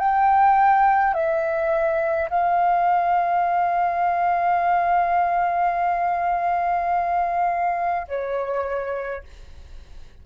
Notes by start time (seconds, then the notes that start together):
0.00 G5
1.14 E5
2.30 F5
8.08 C#5